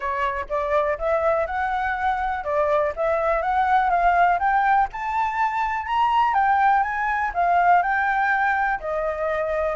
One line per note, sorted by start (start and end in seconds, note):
0.00 0.46 C#5
0.49 0.98 D5
0.98 1.46 E5
1.46 2.44 F#5
2.44 2.92 D5
2.96 3.41 E5
3.41 3.90 F#5
3.90 4.38 F5
4.39 4.88 G5
4.92 5.86 A5
5.86 6.34 A#5
6.34 6.82 G5
6.82 7.31 G#5
7.33 7.82 F5
7.82 8.79 G5
8.80 9.76 D#5